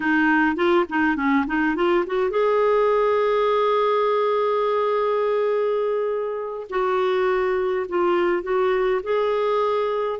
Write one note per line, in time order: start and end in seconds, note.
0.00 0.55 D#4
0.55 0.84 F4
0.89 1.16 D#4
1.16 1.45 C#4
1.46 1.75 D#4
1.75 2.04 F4
2.06 2.30 F#4
2.30 6.67 G#4
6.69 7.86 F#4
7.88 8.43 F4
8.43 9.01 F#4
9.03 10.19 G#4